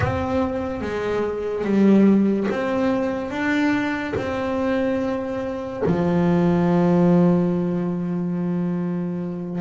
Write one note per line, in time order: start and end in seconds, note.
0.00 0.81 C4
0.81 1.64 G#3
1.64 2.47 G3
2.50 3.30 C4
3.30 4.13 D4
4.16 5.83 C4
5.86 9.61 F3